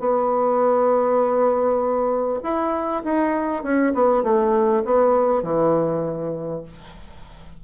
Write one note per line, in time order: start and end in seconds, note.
0.00 2.40 B3
2.44 3.04 E4
3.04 3.63 D#4
3.63 3.93 C#4
3.94 4.24 B3
4.24 4.84 A3
4.85 5.43 B3
5.43 6.63 E3